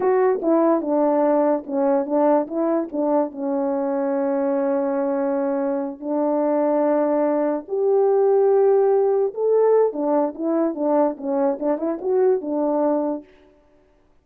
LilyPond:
\new Staff \with { instrumentName = "horn" } { \time 4/4 \tempo 4 = 145 fis'4 e'4 d'2 | cis'4 d'4 e'4 d'4 | cis'1~ | cis'2~ cis'8 d'4.~ |
d'2~ d'8 g'4.~ | g'2~ g'8 a'4. | d'4 e'4 d'4 cis'4 | d'8 e'8 fis'4 d'2 | }